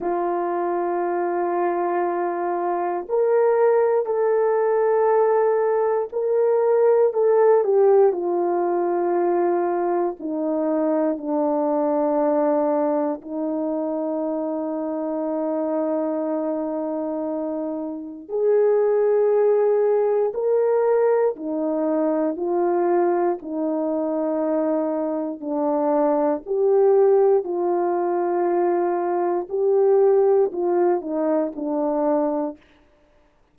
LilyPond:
\new Staff \with { instrumentName = "horn" } { \time 4/4 \tempo 4 = 59 f'2. ais'4 | a'2 ais'4 a'8 g'8 | f'2 dis'4 d'4~ | d'4 dis'2.~ |
dis'2 gis'2 | ais'4 dis'4 f'4 dis'4~ | dis'4 d'4 g'4 f'4~ | f'4 g'4 f'8 dis'8 d'4 | }